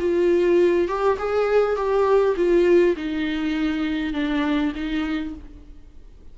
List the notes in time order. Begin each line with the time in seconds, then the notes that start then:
0.00 F4
0.89 G4
1.19 G#4
1.76 G4
2.37 F4
2.97 D#4
4.14 D4
4.76 D#4